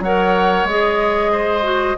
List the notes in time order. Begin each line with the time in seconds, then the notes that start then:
0.00 F#3 A#4 C#5 F#5
0.65 G#3 G#4 D#5
1.32 C5
1.63 F#4